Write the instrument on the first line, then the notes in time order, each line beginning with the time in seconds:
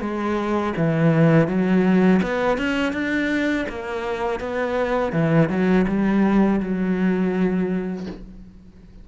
cello
0.00 G#3
0.76 E3
1.47 F#3
2.22 B3
2.57 C#4
2.92 D4
3.69 A#3
4.40 B3
5.12 E3
5.49 F#3
5.87 G3
6.60 F#3